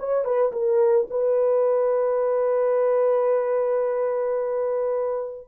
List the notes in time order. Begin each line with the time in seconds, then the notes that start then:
0.00 C#5
0.25 B4
0.53 A#4
1.11 B4